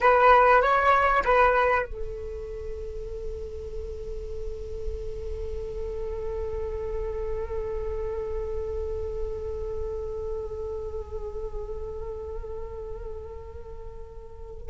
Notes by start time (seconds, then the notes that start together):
0.00 B4
0.62 C#5
1.24 B4
1.86 A4